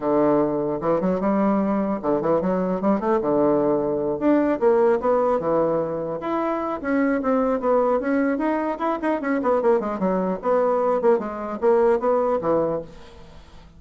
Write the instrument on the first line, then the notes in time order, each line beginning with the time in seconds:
bassoon
0.00 D3
0.81 E3
1.01 F#3
1.20 G3
2.01 D3
2.21 E3
2.41 F#3
2.81 G3
3.00 A3
3.21 D3
4.19 D4
4.59 A#3
4.99 B3
5.39 E3
6.20 E4
6.81 C#4
7.22 C4
7.60 B3
7.99 C#4
8.38 D#4
8.79 E4
9.02 D#4
9.21 C#4
9.42 B3
9.62 A#3
9.79 G#3
9.99 F#3
10.41 B3
11.01 A#3
11.19 G#3
11.60 A#3
11.99 B3
12.41 E3